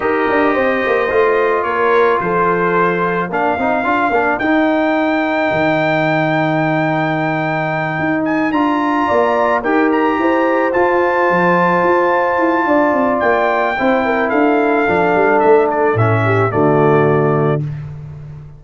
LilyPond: <<
  \new Staff \with { instrumentName = "trumpet" } { \time 4/4 \tempo 4 = 109 dis''2. cis''4 | c''2 f''2 | g''1~ | g''2. gis''8 ais''8~ |
ais''4. g''8 ais''4. a''8~ | a''1 | g''2 f''2 | e''8 d''8 e''4 d''2 | }
  \new Staff \with { instrumentName = "horn" } { \time 4/4 ais'4 c''2 ais'4 | a'2 ais'2~ | ais'1~ | ais'1~ |
ais'8 d''4 ais'4 c''4.~ | c''2. d''4~ | d''4 c''8 ais'8 a'2~ | a'4. g'8 fis'2 | }
  \new Staff \with { instrumentName = "trombone" } { \time 4/4 g'2 f'2~ | f'2 d'8 dis'8 f'8 d'8 | dis'1~ | dis'2.~ dis'8 f'8~ |
f'4. g'2 f'8~ | f'1~ | f'4 e'2 d'4~ | d'4 cis'4 a2 | }
  \new Staff \with { instrumentName = "tuba" } { \time 4/4 dis'8 d'8 c'8 ais8 a4 ais4 | f2 ais8 c'8 d'8 ais8 | dis'2 dis2~ | dis2~ dis8 dis'4 d'8~ |
d'8 ais4 dis'4 e'4 f'8~ | f'8 f4 f'4 e'8 d'8 c'8 | ais4 c'4 d'4 f8 g8 | a4 a,4 d2 | }
>>